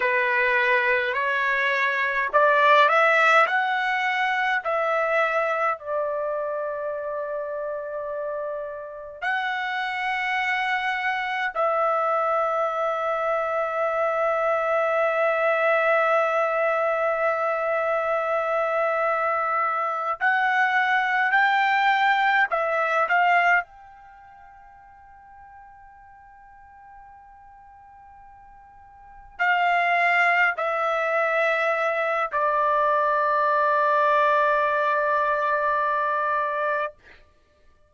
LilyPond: \new Staff \with { instrumentName = "trumpet" } { \time 4/4 \tempo 4 = 52 b'4 cis''4 d''8 e''8 fis''4 | e''4 d''2. | fis''2 e''2~ | e''1~ |
e''4. fis''4 g''4 e''8 | f''8 g''2.~ g''8~ | g''4. f''4 e''4. | d''1 | }